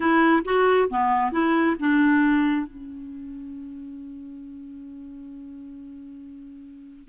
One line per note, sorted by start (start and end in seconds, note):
0.00 0.42 E4
0.44 0.89 F#4
0.89 1.32 B3
1.32 1.76 E4
1.79 2.66 D4
2.66 7.08 C#4